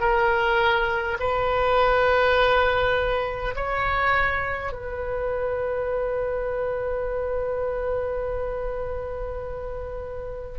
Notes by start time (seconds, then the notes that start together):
0.00 A#4
1.19 B4
3.56 C#5
4.72 B4